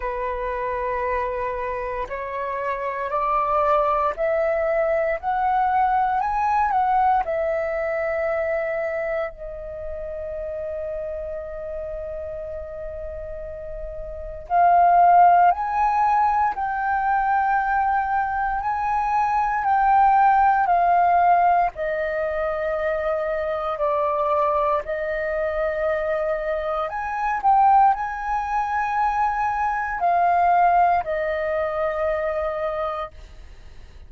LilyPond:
\new Staff \with { instrumentName = "flute" } { \time 4/4 \tempo 4 = 58 b'2 cis''4 d''4 | e''4 fis''4 gis''8 fis''8 e''4~ | e''4 dis''2.~ | dis''2 f''4 gis''4 |
g''2 gis''4 g''4 | f''4 dis''2 d''4 | dis''2 gis''8 g''8 gis''4~ | gis''4 f''4 dis''2 | }